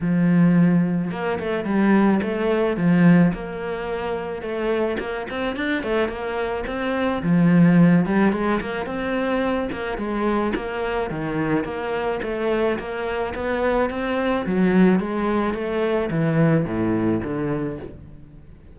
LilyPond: \new Staff \with { instrumentName = "cello" } { \time 4/4 \tempo 4 = 108 f2 ais8 a8 g4 | a4 f4 ais2 | a4 ais8 c'8 d'8 a8 ais4 | c'4 f4. g8 gis8 ais8 |
c'4. ais8 gis4 ais4 | dis4 ais4 a4 ais4 | b4 c'4 fis4 gis4 | a4 e4 a,4 d4 | }